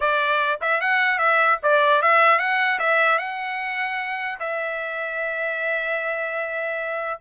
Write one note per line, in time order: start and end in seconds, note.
0.00 0.59 D5
0.61 0.80 E5
0.80 1.18 F#5
1.18 1.58 E5
1.62 2.02 D5
2.02 2.38 E5
2.38 2.78 F#5
2.79 3.18 E5
3.18 4.38 F#5
4.39 7.19 E5